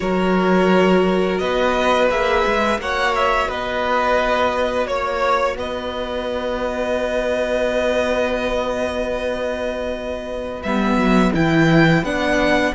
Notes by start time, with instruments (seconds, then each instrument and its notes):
0.00 cello F#3, viola F#4, violin A#4 C#5
1.38 cello B3, violin B4 D#5
2.09 cello A#3, viola G#4, violin E5
2.46 cello G#3
2.77 cello A#3, viola F#4, violin C#5 F#5
3.15 violin E5
3.48 cello B3, violin B4 D#5
4.86 cello A#3, violin C#5
5.56 cello B3, violin B4 D#5
10.62 cello G3, viola B3, violin E5
10.96 cello F#3
11.33 cello E3, viola E4, violin G5
12.03 cello B3, viola D4, violin F#5